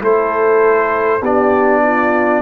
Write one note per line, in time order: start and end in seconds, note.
0.00 1.21 A3
0.00 1.20 E4
0.00 1.21 A4
0.00 1.24 C5
1.21 2.42 B3
1.21 2.42 D4
1.21 1.81 G4
1.21 2.42 D5
1.83 2.42 F4